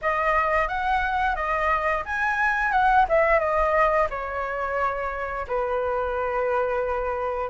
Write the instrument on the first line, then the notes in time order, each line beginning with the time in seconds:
flute
0.01 D#5
0.68 F#5
1.35 D#5
2.05 G#5
2.71 F#5
3.08 E5
3.39 D#5
4.09 C#5
5.47 B4